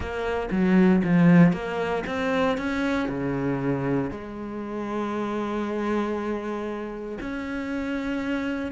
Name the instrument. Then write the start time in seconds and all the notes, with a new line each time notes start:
cello
0.00 A#3
0.51 F#3
1.04 F3
1.52 A#3
2.06 C4
2.57 C#4
3.08 C#3
4.10 G#3
7.20 C#4